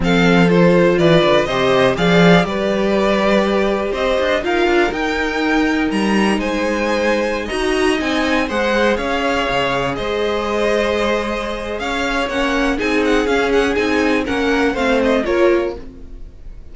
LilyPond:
<<
  \new Staff \with { instrumentName = "violin" } { \time 4/4 \tempo 4 = 122 f''4 c''4 d''4 dis''4 | f''4 d''2. | dis''4 f''4 g''2 | ais''4 gis''2~ gis''16 ais''8.~ |
ais''16 gis''4 fis''4 f''4.~ f''16~ | f''16 dis''2.~ dis''8. | f''4 fis''4 gis''8 fis''8 f''8 fis''8 | gis''4 fis''4 f''8 dis''8 cis''4 | }
  \new Staff \with { instrumentName = "violin" } { \time 4/4 a'2 b'4 c''4 | d''4 b'2. | c''4 ais'2.~ | ais'4 c''2~ c''16 dis''8.~ |
dis''4~ dis''16 c''4 cis''4.~ cis''16~ | cis''16 c''2.~ c''8. | cis''2 gis'2~ | gis'4 ais'4 c''4 ais'4 | }
  \new Staff \with { instrumentName = "viola" } { \time 4/4 c'4 f'2 g'4 | gis'4 g'2.~ | g'4 f'4 dis'2~ | dis'2.~ dis'16 fis'8.~ |
fis'16 dis'4 gis'2~ gis'8.~ | gis'1~ | gis'4 cis'4 dis'4 cis'4 | dis'4 cis'4 c'4 f'4 | }
  \new Staff \with { instrumentName = "cello" } { \time 4/4 f2 e8 d8 c4 | f4 g2. | c'8 d'8 dis'8 d'8 dis'2 | g4 gis2~ gis16 dis'8.~ |
dis'16 c'4 gis4 cis'4 cis8.~ | cis16 gis2.~ gis8. | cis'4 ais4 c'4 cis'4 | c'4 ais4 a4 ais4 | }
>>